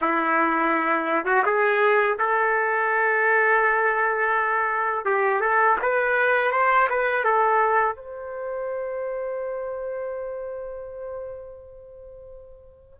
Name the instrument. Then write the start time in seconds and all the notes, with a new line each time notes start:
trumpet
0.01 E4
1.25 F#4
1.45 G#4
2.19 A4
5.05 G4
5.40 A4
5.82 B4
6.51 C5
6.89 B4
7.24 A4
7.96 C5